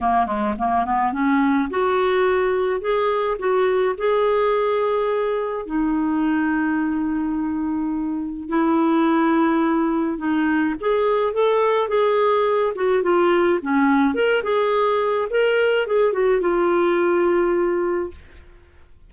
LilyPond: \new Staff \with { instrumentName = "clarinet" } { \time 4/4 \tempo 4 = 106 ais8 gis8 ais8 b8 cis'4 fis'4~ | fis'4 gis'4 fis'4 gis'4~ | gis'2 dis'2~ | dis'2. e'4~ |
e'2 dis'4 gis'4 | a'4 gis'4. fis'8 f'4 | cis'4 ais'8 gis'4. ais'4 | gis'8 fis'8 f'2. | }